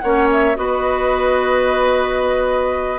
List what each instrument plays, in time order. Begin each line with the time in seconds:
0.00 bassoon A#3, clarinet C#4, oboe C#5, flute F#5
0.32 flute E5
0.55 bassoon B3, clarinet F#4, oboe B4, flute D#5